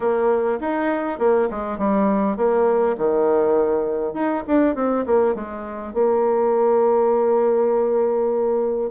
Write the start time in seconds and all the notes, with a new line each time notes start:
0.00 A#3
0.60 D#4
1.18 A#3
1.50 G#3
1.78 G3
2.36 A#3
2.97 D#3
4.13 D#4
4.47 D4
4.75 C4
5.05 A#3
5.35 G#3
5.93 A#3